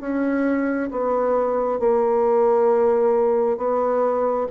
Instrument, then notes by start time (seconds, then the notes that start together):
bassoon
0.00 C#4
0.91 B3
1.79 A#3
3.57 B3